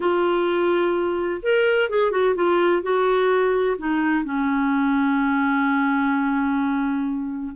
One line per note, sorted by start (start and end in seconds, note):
0.00 1.41 F4
1.42 1.89 A#4
1.89 2.11 G#4
2.11 2.34 F#4
2.35 2.82 F4
2.82 3.76 F#4
3.78 4.24 D#4
4.24 7.55 C#4